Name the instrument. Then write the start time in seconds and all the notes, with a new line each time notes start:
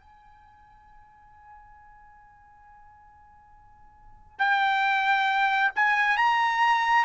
trumpet
0.00 G#5
4.39 G5
5.75 G#5
6.17 A#5